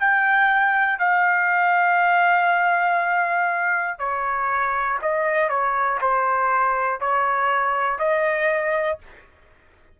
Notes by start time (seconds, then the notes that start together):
0.00 G5
0.98 F5
3.98 C#5
5.02 D#5
5.49 C#5
6.01 C5
7.00 C#5
7.98 D#5